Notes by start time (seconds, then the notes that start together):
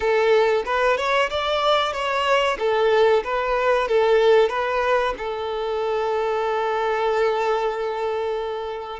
0.00 A4
0.65 B4
0.97 C#5
1.29 D5
1.92 C#5
2.58 A4
3.23 B4
3.87 A4
4.49 B4
5.17 A4